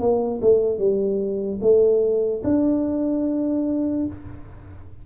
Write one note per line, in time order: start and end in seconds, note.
0.00 0.41 A#3
0.42 0.79 A3
0.79 1.60 G3
1.61 2.43 A3
2.44 4.07 D4